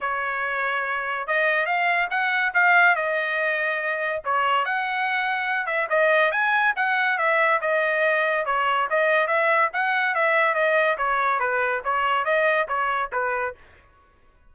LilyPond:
\new Staff \with { instrumentName = "trumpet" } { \time 4/4 \tempo 4 = 142 cis''2. dis''4 | f''4 fis''4 f''4 dis''4~ | dis''2 cis''4 fis''4~ | fis''4. e''8 dis''4 gis''4 |
fis''4 e''4 dis''2 | cis''4 dis''4 e''4 fis''4 | e''4 dis''4 cis''4 b'4 | cis''4 dis''4 cis''4 b'4 | }